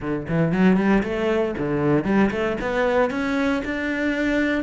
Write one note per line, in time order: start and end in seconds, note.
0.00 0.26 D3
0.28 0.51 E3
0.51 0.76 F#3
0.76 1.02 G3
1.03 1.54 A3
1.58 2.04 D3
2.04 2.30 G3
2.30 2.56 A3
2.60 3.10 B3
3.10 3.62 C#4
3.64 4.63 D4